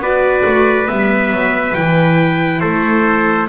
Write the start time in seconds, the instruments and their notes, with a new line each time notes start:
0.00 double bass B3, viola F#4, trumpet B4 D5
0.46 double bass A3
0.88 double bass G3, viola B3, trumpet E5
1.32 double bass F#3
1.75 double bass E3, viola E4, trumpet G5
2.61 double bass A3, trumpet A4 C5